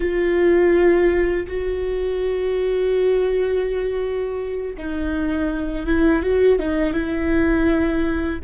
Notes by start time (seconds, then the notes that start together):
0.00 F4
1.47 F#4
4.77 D#4
5.86 E4
6.23 F#4
6.59 D#4
6.93 E4